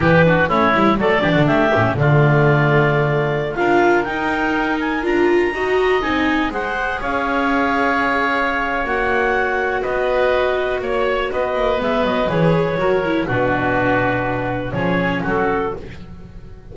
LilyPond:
<<
  \new Staff \with { instrumentName = "clarinet" } { \time 4/4 \tempo 4 = 122 b'4 cis''4 d''4 e''4 | d''2.~ d''16 f''8.~ | f''16 g''4. gis''8 ais''4.~ ais''16~ | ais''16 gis''4 fis''4 f''4.~ f''16~ |
f''2 fis''2 | dis''2 cis''4 dis''4 | e''8 dis''8 cis''2 b'4~ | b'2 cis''4 a'4 | }
  \new Staff \with { instrumentName = "oboe" } { \time 4/4 g'8 fis'8 e'4 a'8 g'16 fis'16 g'4 | f'2.~ f'16 ais'8.~ | ais'2.~ ais'16 dis''8.~ | dis''4~ dis''16 c''4 cis''4.~ cis''16~ |
cis''1 | b'2 cis''4 b'4~ | b'2 ais'4 fis'4~ | fis'2 gis'4 fis'4 | }
  \new Staff \with { instrumentName = "viola" } { \time 4/4 e'8 d'8 cis'8 e'8 a8 d'4 cis'8 | a2.~ a16 f'8.~ | f'16 dis'2 f'4 fis'8.~ | fis'16 dis'4 gis'2~ gis'8.~ |
gis'2 fis'2~ | fis'1 | b4 gis'4 fis'8 e'8 d'4~ | d'2 cis'2 | }
  \new Staff \with { instrumentName = "double bass" } { \time 4/4 e4 a8 g8 fis8 e16 d16 a8 a,8 | d2.~ d16 d'8.~ | d'16 dis'2 d'4 dis'8.~ | dis'16 c'4 gis4 cis'4.~ cis'16~ |
cis'2 ais2 | b2 ais4 b8 ais8 | gis8 fis8 e4 fis4 b,4~ | b,2 f4 fis4 | }
>>